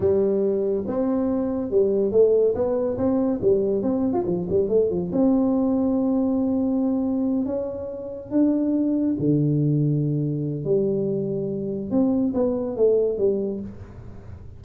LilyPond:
\new Staff \with { instrumentName = "tuba" } { \time 4/4 \tempo 4 = 141 g2 c'2 | g4 a4 b4 c'4 | g4 c'8. f'16 f8 g8 a8 f8 | c'1~ |
c'4. cis'2 d'8~ | d'4. d2~ d8~ | d4 g2. | c'4 b4 a4 g4 | }